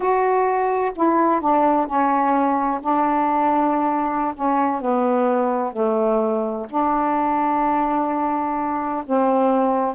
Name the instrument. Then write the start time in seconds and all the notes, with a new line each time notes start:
saxophone
0.00 F#4
0.95 E4
1.40 D4
1.86 C#4
2.81 D4
4.34 C#4
4.81 B3
5.72 A3
6.69 D4
9.05 C4